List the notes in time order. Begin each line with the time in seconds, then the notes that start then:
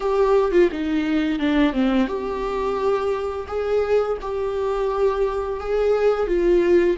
0.00 G4
0.51 F4
0.71 D#4
1.39 D4
1.73 C4
2.07 G4
3.47 G#4
4.21 G4
5.60 G#4
6.27 F4